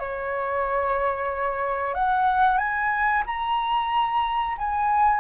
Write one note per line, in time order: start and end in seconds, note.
0.00 1.94 C#5
1.94 2.58 F#5
2.58 3.23 G#5
3.26 4.57 A#5
4.58 5.21 G#5